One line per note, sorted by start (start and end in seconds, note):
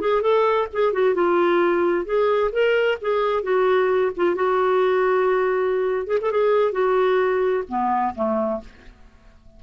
0.00 0.21 G#4
0.21 0.67 A4
0.72 0.92 G#4
0.92 1.14 F#4
1.14 2.05 F4
2.05 2.50 G#4
2.51 2.97 A#4
3.01 3.42 G#4
3.42 4.11 F#4
4.16 4.35 F4
4.35 6.06 F#4
6.06 6.18 G#4
6.21 6.31 A4
6.31 6.72 G#4
6.72 7.63 F#4
7.68 8.14 B3
8.14 8.60 A3